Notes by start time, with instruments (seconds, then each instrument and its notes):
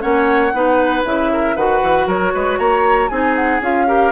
0.00 bassoon A#3, clarinet C#4, oboe C#5, flute F#5
0.53 bassoon B3, clarinet D#4, oboe B4
1.05 bassoon C#3, clarinet E4, flute E5
1.33 oboe A#4
1.56 bassoon D#3, clarinet F#4, oboe B4, flute F#5
1.82 bassoon E3
2.07 bassoon F#3, oboe A#4, flute C#5
2.35 bassoon G#3, oboe B4
2.59 bassoon A#3, oboe C#5, flute A#5
3.09 bassoon C4, clarinet D#4, oboe G#4, flute G#5
3.36 flute F#5
3.61 bassoon C#4, clarinet F4, flute F5
3.87 clarinet G4, oboe A#4